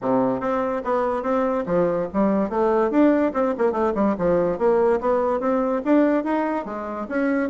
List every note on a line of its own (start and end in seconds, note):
0.01 0.40 C3
0.40 0.81 C4
0.84 1.23 B3
1.23 1.64 C4
1.66 2.07 F3
2.13 2.49 G3
2.49 2.90 A3
2.90 3.32 D4
3.33 3.54 C4
3.57 3.72 A#3
3.72 3.92 A3
3.94 4.15 G3
4.18 4.58 F3
4.58 4.99 A#3
5.00 5.40 B3
5.40 5.81 C4
5.84 6.23 D4
6.23 6.65 D#4
6.65 7.06 G#3
7.08 7.49 C#4